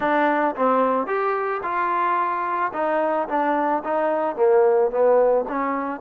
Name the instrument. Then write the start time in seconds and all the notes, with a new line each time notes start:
trombone
0.00 D4
0.55 C4
1.06 G4
1.62 F4
2.73 D#4
3.28 D4
3.83 D#4
4.36 A#3
4.90 B3
5.48 C#4